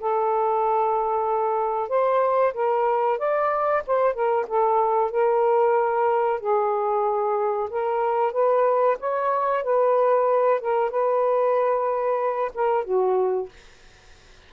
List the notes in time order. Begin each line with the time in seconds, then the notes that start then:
0.00 A4
1.89 C5
2.54 A#4
3.18 D5
3.87 C5
4.13 A#4
4.48 A4
5.11 A#4
6.40 G#4
7.70 A#4
8.32 B4
8.99 C#5
9.63 B4
10.60 A#4
10.90 B4
12.54 A#4
12.84 F#4